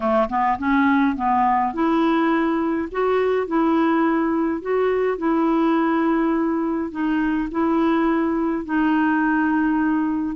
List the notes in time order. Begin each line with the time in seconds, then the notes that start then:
0.00 A3
0.29 B3
0.58 C#4
1.16 B3
1.73 E4
2.91 F#4
3.47 E4
4.61 F#4
5.18 E4
6.91 D#4
7.51 E4
8.65 D#4